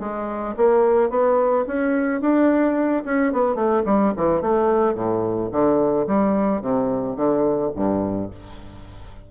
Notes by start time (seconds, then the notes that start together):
0.00 G#3
0.57 A#3
1.10 B3
1.67 C#4
2.21 D4
3.05 C#4
3.33 B3
3.55 A3
3.85 G3
4.17 E3
4.42 A3
4.94 A2
5.52 D3
6.07 G3
6.62 C3
7.16 D3
7.76 G2